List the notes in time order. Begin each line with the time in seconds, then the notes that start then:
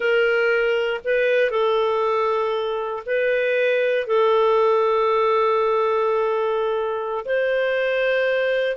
0.00 A#4
1.04 B4
1.50 A4
3.06 B4
4.07 A4
7.25 C5